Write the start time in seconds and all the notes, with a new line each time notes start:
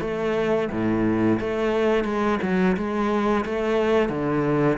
0.00 A3
0.71 A2
1.40 A3
2.04 G#3
2.42 F#3
2.76 G#3
3.45 A3
4.09 D3